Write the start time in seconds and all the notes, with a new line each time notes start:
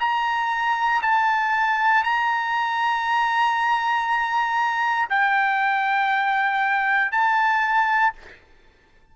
0.00 A#5
1.02 A5
2.03 A#5
5.10 G5
7.11 A5